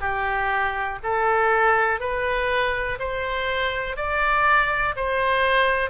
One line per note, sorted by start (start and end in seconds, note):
0.00 0.98 G4
1.03 2.00 A4
2.00 2.98 B4
2.99 3.96 C5
3.96 4.94 D5
4.96 5.90 C5